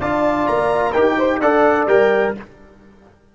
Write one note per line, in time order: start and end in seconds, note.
0.00 0.48 D4
0.00 0.95 F4
0.00 0.92 D5
0.00 0.47 A5
0.48 0.95 A#3
0.48 0.93 A#5
0.92 1.40 D#4
0.92 1.42 G4
0.92 1.15 A#4
0.92 1.40 G5
1.17 1.41 C5
1.40 1.86 D4
1.40 1.88 A4
1.40 2.35 D5
1.40 1.88 F#5
1.86 2.33 G3
1.86 2.35 A#4
1.86 2.35 G5